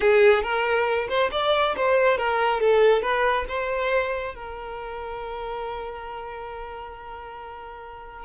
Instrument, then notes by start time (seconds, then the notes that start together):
violin
0.00 G#4
0.42 A#4
1.08 C5
1.31 D5
1.76 C5
2.17 A#4
2.60 A4
3.01 B4
3.48 C5
4.34 A#4